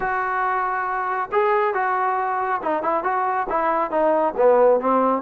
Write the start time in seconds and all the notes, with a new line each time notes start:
0.00 F#4
1.32 G#4
1.74 F#4
2.62 D#4
2.82 E4
3.03 F#4
3.49 E4
3.90 D#4
4.36 B3
4.80 C4